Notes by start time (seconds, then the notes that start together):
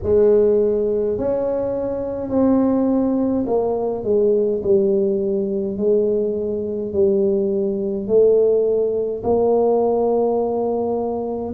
0.03 G#3
1.18 C#4
2.29 C4
3.46 A#3
4.03 G#3
4.63 G3
5.77 G#3
6.92 G3
8.07 A3
9.23 A#3